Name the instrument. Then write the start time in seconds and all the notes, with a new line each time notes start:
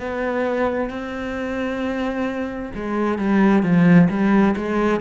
cello
0.00 B3
0.90 C4
2.75 G#3
3.19 G3
3.63 F3
4.10 G3
4.57 G#3